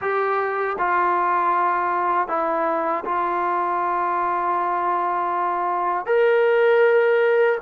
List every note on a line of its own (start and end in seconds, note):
0.01 0.77 G4
0.78 2.28 F4
2.28 3.03 E4
3.04 6.06 F4
6.06 7.57 A#4